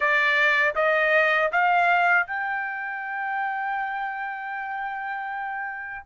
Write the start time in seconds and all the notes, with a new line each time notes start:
0.00 D5
0.75 D#5
1.52 F5
2.26 G5